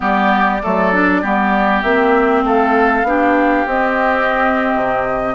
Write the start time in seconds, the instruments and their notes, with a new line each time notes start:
0.00 bassoon G3, clarinet B3, oboe G4, flute D5
0.62 bassoon F#3, clarinet A3, oboe A4
0.92 clarinet D4
1.21 bassoon G3, clarinet B3, oboe G4
1.82 bassoon A#3, clarinet C4, flute E5
2.43 bassoon A3, oboe A4, flute F5
3.03 bassoon B3, clarinet D4, oboe G4
3.66 bassoon C4, clarinet C4, flute D#5
4.75 bassoon C3